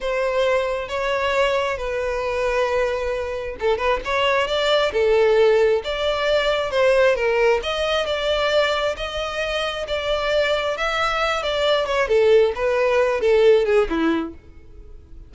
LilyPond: \new Staff \with { instrumentName = "violin" } { \time 4/4 \tempo 4 = 134 c''2 cis''2 | b'1 | a'8 b'8 cis''4 d''4 a'4~ | a'4 d''2 c''4 |
ais'4 dis''4 d''2 | dis''2 d''2 | e''4. d''4 cis''8 a'4 | b'4. a'4 gis'8 e'4 | }